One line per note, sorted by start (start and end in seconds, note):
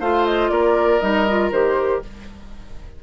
0.00 0.50 A3
0.00 1.01 F4
0.00 0.50 C5
0.00 0.26 F5
0.26 0.49 D#5
0.49 1.01 A#3
0.49 2.03 A#4
0.49 0.99 D5
1.00 1.51 G3
1.00 1.26 D#4
1.00 1.50 D#5
1.29 1.52 F4
1.51 2.01 D#3
1.51 2.02 G4
1.51 2.02 C5